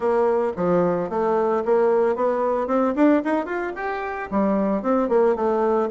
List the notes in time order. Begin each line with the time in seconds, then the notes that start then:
0.00 A#3
0.56 F3
1.09 A3
1.65 A#3
2.15 B3
2.67 C4
2.95 D4
3.24 D#4
3.45 F4
3.75 G4
4.30 G3
4.82 C4
5.08 A#3
5.35 A3